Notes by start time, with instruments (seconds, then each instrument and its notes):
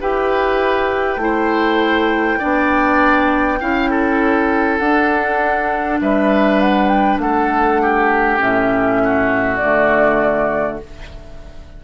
0.00 bassoon E4, clarinet G4, oboe B4, flute G5
1.16 bassoon A3, clarinet E4
1.23 oboe C5
2.38 bassoon B3, clarinet D4, oboe D5
3.60 bassoon C#4, clarinet E4, oboe F5
3.90 oboe A4
4.78 bassoon D4, clarinet D4, flute F#5
6.00 bassoon G3, oboe B4, flute E5
6.60 flute F#5
6.88 flute G5
7.18 bassoon A3, oboe A4, flute F#5
7.81 oboe G4
8.38 bassoon A2, clarinet C#4, flute E5
9.04 oboe F#4
9.56 bassoon D3, clarinet A3, flute D5